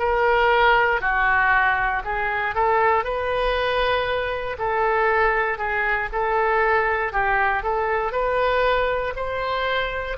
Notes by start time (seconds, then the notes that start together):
0.00 A#4
1.01 F#4
2.05 G#4
2.55 A4
3.05 B4
4.59 A4
5.58 G#4
6.13 A4
7.13 G4
7.63 A4
8.13 B4
9.16 C5